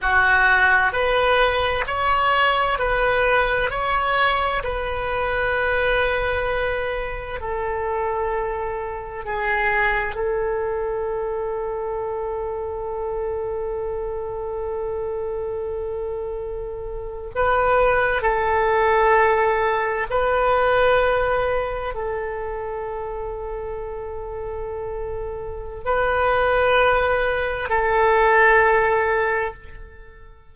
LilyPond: \new Staff \with { instrumentName = "oboe" } { \time 4/4 \tempo 4 = 65 fis'4 b'4 cis''4 b'4 | cis''4 b'2. | a'2 gis'4 a'4~ | a'1~ |
a'2~ a'8. b'4 a'16~ | a'4.~ a'16 b'2 a'16~ | a'1 | b'2 a'2 | }